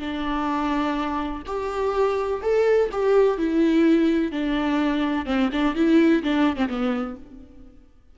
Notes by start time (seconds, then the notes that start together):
0.00 D4
1.47 G4
2.43 A4
2.92 G4
3.38 E4
4.32 D4
5.26 C4
5.53 D4
5.76 E4
6.24 D4
6.57 C4
6.69 B3